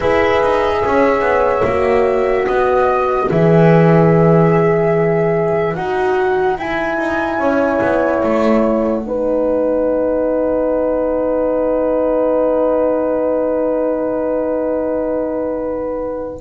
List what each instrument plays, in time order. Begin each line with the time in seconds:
0.00 double bass E4, horn G#4 B4, flute E5
0.42 double bass D#4
0.85 double bass C#4, horn C#5
1.20 double bass B3
1.64 double bass A#3, horn F#4
2.47 double bass B3, horn B4, flute D#5
3.27 double bass E3, horn G#4, flute E5
5.74 double bass D#4, horn F#4, flute F#5
6.57 horn E4, double bass E4, flute G#5
6.98 double bass D#4
7.38 double bass C#4, horn C#5
7.81 double bass B3
8.21 double bass A3, flute F#5
9.03 double bass B3, horn D#4 B4